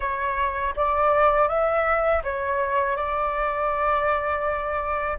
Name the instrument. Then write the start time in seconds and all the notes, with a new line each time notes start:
flute
0.00 C#5
0.76 D5
1.48 E5
2.23 C#5
2.96 D5